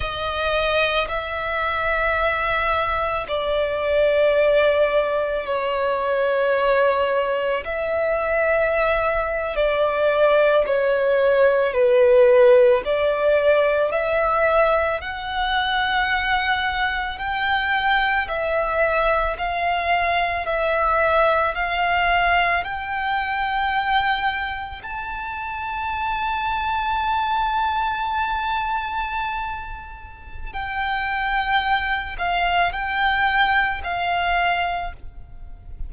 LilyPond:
\new Staff \with { instrumentName = "violin" } { \time 4/4 \tempo 4 = 55 dis''4 e''2 d''4~ | d''4 cis''2 e''4~ | e''8. d''4 cis''4 b'4 d''16~ | d''8. e''4 fis''2 g''16~ |
g''8. e''4 f''4 e''4 f''16~ | f''8. g''2 a''4~ a''16~ | a''1 | g''4. f''8 g''4 f''4 | }